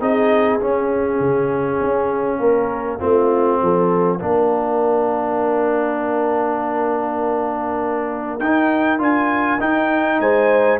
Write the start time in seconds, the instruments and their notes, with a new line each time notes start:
0.00 tuba C4, trombone D#4, horn G#4, trumpet D#5
0.59 trombone C#4, tuba C#4, trumpet F5
1.20 tuba C#3
1.81 tuba C#4
2.39 tuba A#3, horn A#4
2.99 tuba A3, trombone C4, horn F4
3.62 tuba F3, horn A4
4.19 tuba A#3, trombone D4, horn A#4
8.40 tuba D#4, trombone D#4, trumpet G5
8.98 tuba D4, trombone F4, trumpet G#5
9.60 tuba D#4, trombone D#4, trumpet G5
10.20 tuba G#3, horn C5, trumpet G#5